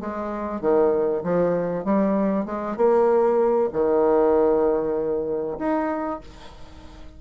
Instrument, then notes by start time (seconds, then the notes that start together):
bassoon
0.00 G#3
0.61 D#3
1.23 F3
1.84 G3
2.45 G#3
2.76 A#3
3.73 D#3
5.58 D#4